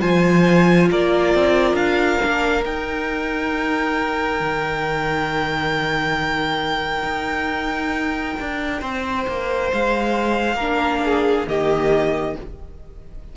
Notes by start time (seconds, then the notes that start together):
0.00 F3 F4 C5 G#5
0.90 A#3 A#4 D5
1.34 C4
1.73 D4 F5
2.21 A#3 D4
2.63 D#4 G5
4.40 D#3
7.03 D#4
8.40 D4
8.79 C4 C5
9.27 A#3
9.73 G#3 F5
10.55 A#3 D4 A#4
11.04 G#4
11.47 D#3 A#3 G4 D#5